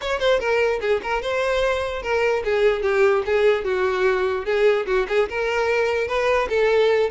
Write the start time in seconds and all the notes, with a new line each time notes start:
0.01 C#5
0.19 C5
0.39 A#4
0.80 G#4
1.02 A#4
1.22 C5
2.02 A#4
2.44 G#4
2.82 G4
3.25 G#4
3.64 F#4
4.45 G#4
4.86 F#4
5.08 G#4
5.29 A#4
6.07 B4
6.49 A4